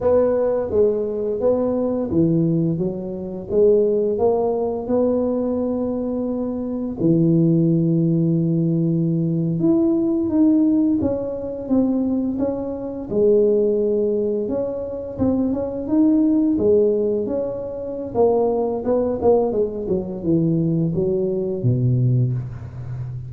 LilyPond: \new Staff \with { instrumentName = "tuba" } { \time 4/4 \tempo 4 = 86 b4 gis4 b4 e4 | fis4 gis4 ais4 b4~ | b2 e2~ | e4.~ e16 e'4 dis'4 cis'16~ |
cis'8. c'4 cis'4 gis4~ gis16~ | gis8. cis'4 c'8 cis'8 dis'4 gis16~ | gis8. cis'4~ cis'16 ais4 b8 ais8 | gis8 fis8 e4 fis4 b,4 | }